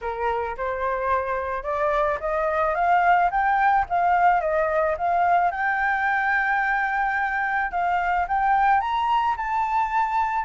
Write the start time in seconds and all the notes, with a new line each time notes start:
0.01 A#4
0.57 C5
1.63 D5
2.20 D#5
2.74 F5
3.30 G5
3.89 F5
4.40 D#5
4.97 F5
5.51 G5
7.71 F5
8.28 G5
8.80 A#5
9.37 A5